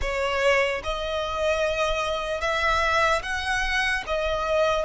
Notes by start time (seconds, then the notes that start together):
0.01 C#5
0.83 D#5
2.41 E5
3.22 F#5
4.06 D#5